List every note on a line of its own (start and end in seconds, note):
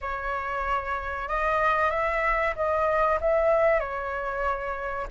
0.01 1.28 C#5
1.28 1.90 D#5
1.90 2.54 E5
2.55 3.19 D#5
3.20 3.79 E5
3.79 5.07 C#5